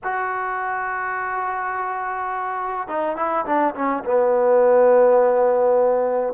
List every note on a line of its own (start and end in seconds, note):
0.03 2.88 F#4
2.88 3.16 D#4
3.16 3.45 E4
3.45 3.74 D4
3.74 4.03 C#4
4.04 6.33 B3